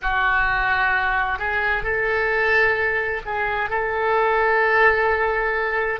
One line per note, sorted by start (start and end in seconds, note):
0.02 1.38 F#4
1.38 1.83 G#4
1.83 3.21 A4
3.25 3.69 G#4
3.69 6.00 A4